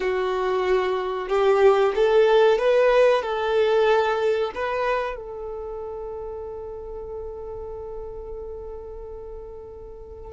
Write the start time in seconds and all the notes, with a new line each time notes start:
0.00 F#4
1.28 G4
1.95 A4
2.58 B4
3.22 A4
4.54 B4
5.16 A4